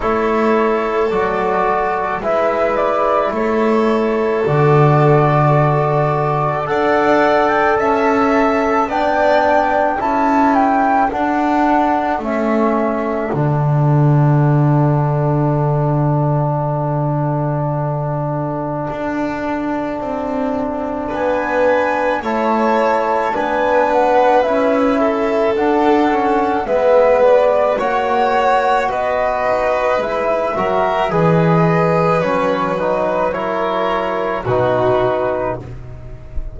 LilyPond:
<<
  \new Staff \with { instrumentName = "flute" } { \time 4/4 \tempo 4 = 54 cis''4 d''4 e''8 d''8 cis''4 | d''2 fis''8. g''16 a''4 | g''4 a''8 g''8 fis''4 e''4 | fis''1~ |
fis''2. gis''4 | a''4 gis''8 fis''8 e''4 fis''4 | e''8 d''8 fis''4 dis''4 e''4 | dis''4 cis''8 b'8 cis''4 b'4 | }
  \new Staff \with { instrumentName = "violin" } { \time 4/4 a'2 b'4 a'4~ | a'2 d''4 e''4 | d''4 a'2.~ | a'1~ |
a'2. b'4 | cis''4 b'4. a'4. | b'4 cis''4 b'4. ais'8 | b'2 ais'4 fis'4 | }
  \new Staff \with { instrumentName = "trombone" } { \time 4/4 e'4 fis'4 e'2 | fis'2 a'2 | d'4 e'4 d'4 cis'4 | d'1~ |
d'1 | e'4 d'4 e'4 d'8 cis'8 | b4 fis'2 e'8 fis'8 | gis'4 cis'8 dis'8 e'4 dis'4 | }
  \new Staff \with { instrumentName = "double bass" } { \time 4/4 a4 fis4 gis4 a4 | d2 d'4 cis'4 | b4 cis'4 d'4 a4 | d1~ |
d4 d'4 c'4 b4 | a4 b4 cis'4 d'4 | gis4 ais4 b8 dis'8 gis8 fis8 | e4 fis2 b,4 | }
>>